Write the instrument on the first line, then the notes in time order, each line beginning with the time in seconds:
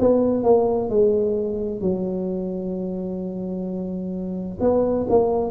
tuba
0.00 B3
0.43 A#3
0.90 G#3
1.81 F#3
4.60 B3
5.09 A#3